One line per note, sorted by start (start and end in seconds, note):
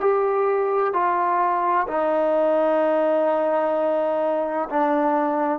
0.00 0.93 G4
0.93 1.87 F4
1.88 4.69 D#4
4.70 5.59 D4